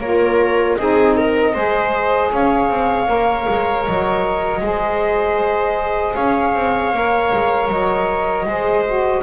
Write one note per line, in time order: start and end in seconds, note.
0.00 0.77 A#3
0.00 0.79 F4
0.00 0.79 A#4
0.00 0.76 C#5
0.76 1.56 C4
0.76 1.55 D#4
0.76 1.17 G#4
0.76 2.30 D#5
1.17 1.54 A#4
1.54 2.32 G#3
1.54 3.07 G#4
1.54 2.31 C5
2.32 2.70 C#4
2.32 4.65 C#5
2.32 3.84 F5
2.70 3.08 C4
3.07 3.47 A#3
3.07 4.61 A#4
3.49 3.87 G#3
3.84 4.61 F#3
3.84 6.15 D#5
4.61 6.15 G#3
4.61 6.94 G#4
4.61 6.16 C5
6.15 6.55 C#4
6.15 8.46 C#5
6.15 7.69 F5
6.55 6.93 C4
6.93 7.32 A#3
6.93 8.46 A#4
7.33 7.69 G#3
7.69 8.46 F#3
7.69 9.23 D#5
8.46 9.23 G#3
8.46 8.85 G#4
8.46 9.23 C5
8.86 9.23 F#4